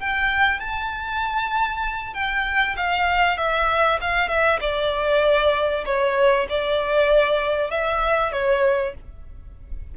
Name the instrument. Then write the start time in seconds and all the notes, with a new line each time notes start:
violin
0.00 G5
0.60 A5
2.14 G5
2.77 F5
3.38 E5
4.01 F5
4.28 E5
4.61 D5
5.85 C#5
6.49 D5
7.71 E5
8.33 C#5